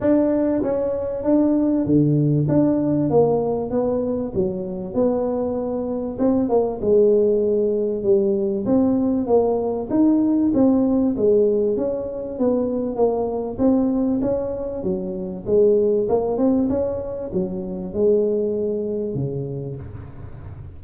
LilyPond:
\new Staff \with { instrumentName = "tuba" } { \time 4/4 \tempo 4 = 97 d'4 cis'4 d'4 d4 | d'4 ais4 b4 fis4 | b2 c'8 ais8 gis4~ | gis4 g4 c'4 ais4 |
dis'4 c'4 gis4 cis'4 | b4 ais4 c'4 cis'4 | fis4 gis4 ais8 c'8 cis'4 | fis4 gis2 cis4 | }